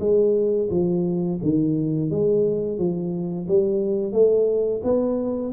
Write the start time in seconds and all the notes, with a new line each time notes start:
0.00 G#3
0.71 F3
1.43 D#3
2.11 G#3
2.78 F3
3.48 G3
4.13 A3
4.84 B3